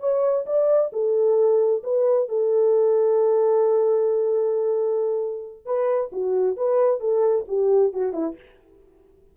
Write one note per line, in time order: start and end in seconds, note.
0.00 0.45 C#5
0.46 0.91 D5
0.93 1.83 A4
1.84 2.29 B4
2.29 5.66 A4
5.66 6.11 B4
6.13 6.57 F#4
6.57 7.00 B4
7.00 7.46 A4
7.48 7.93 G4
7.93 8.13 F#4
8.13 8.36 E4